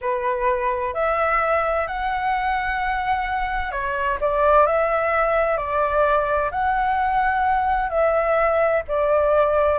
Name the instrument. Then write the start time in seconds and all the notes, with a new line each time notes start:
flute
0.01 B4
0.94 E5
1.87 F#5
3.71 C#5
4.20 D5
4.66 E5
5.57 D5
6.51 F#5
7.89 E5
8.88 D5